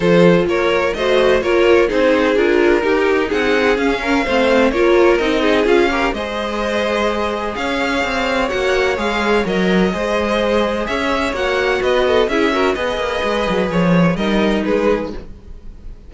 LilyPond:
<<
  \new Staff \with { instrumentName = "violin" } { \time 4/4 \tempo 4 = 127 c''4 cis''4 dis''4 cis''4 | c''4 ais'2 fis''4 | f''2 cis''4 dis''4 | f''4 dis''2. |
f''2 fis''4 f''4 | dis''2. e''4 | fis''4 dis''4 e''4 dis''4~ | dis''4 cis''4 dis''4 b'4 | }
  \new Staff \with { instrumentName = "violin" } { \time 4/4 a'4 ais'4 c''4 ais'4 | gis'2 g'4 gis'4~ | gis'8 ais'8 c''4 ais'4. gis'8~ | gis'8 ais'8 c''2. |
cis''1~ | cis''4 c''2 cis''4~ | cis''4 b'8 a'8 gis'8 ais'8 b'4~ | b'2 ais'4 gis'4 | }
  \new Staff \with { instrumentName = "viola" } { \time 4/4 f'2 fis'4 f'4 | dis'4 f'4 dis'2 | cis'4 c'4 f'4 dis'4 | f'8 g'8 gis'2.~ |
gis'2 fis'4 gis'4 | ais'4 gis'2. | fis'2 e'8 fis'8 gis'4~ | gis'2 dis'2 | }
  \new Staff \with { instrumentName = "cello" } { \time 4/4 f4 ais4 a4 ais4 | c'4 d'4 dis'4 c'4 | cis'4 a4 ais4 c'4 | cis'4 gis2. |
cis'4 c'4 ais4 gis4 | fis4 gis2 cis'4 | ais4 b4 cis'4 b8 ais8 | gis8 fis8 f4 g4 gis4 | }
>>